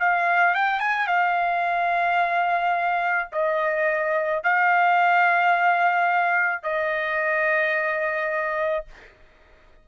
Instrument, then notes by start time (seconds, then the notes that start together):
trumpet
0.00 F5
0.55 G5
0.80 G#5
1.07 F5
3.32 D#5
4.43 F5
6.63 D#5